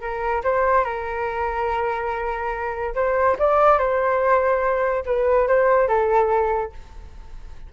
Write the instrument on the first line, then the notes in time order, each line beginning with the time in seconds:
flute
0.00 A#4
0.43 C5
0.84 A#4
2.94 C5
3.39 D5
3.78 C5
5.05 B4
5.47 C5
5.88 A4